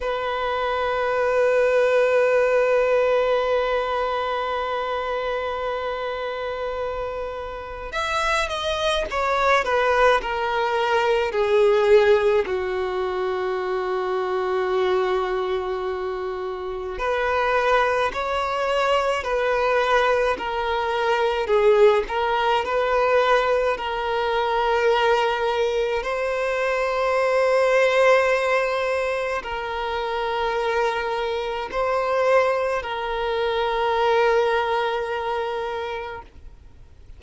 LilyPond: \new Staff \with { instrumentName = "violin" } { \time 4/4 \tempo 4 = 53 b'1~ | b'2. e''8 dis''8 | cis''8 b'8 ais'4 gis'4 fis'4~ | fis'2. b'4 |
cis''4 b'4 ais'4 gis'8 ais'8 | b'4 ais'2 c''4~ | c''2 ais'2 | c''4 ais'2. | }